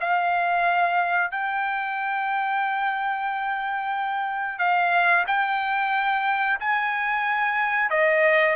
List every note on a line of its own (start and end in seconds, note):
0.00 1.31 F5
1.31 4.59 G5
4.59 5.24 F5
5.27 6.59 G5
6.60 7.90 G#5
7.90 8.56 D#5